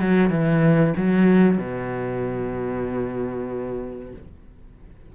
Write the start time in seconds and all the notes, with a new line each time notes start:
0.00 F#3
0.30 E3
0.97 F#3
1.58 B2